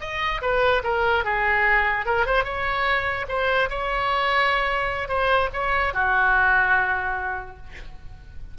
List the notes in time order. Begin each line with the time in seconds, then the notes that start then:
0.00 D#5
0.41 B4
0.83 A#4
1.24 G#4
2.05 A#4
2.26 C5
2.44 C#5
3.28 C5
3.70 C#5
5.08 C5
5.53 C#5
5.93 F#4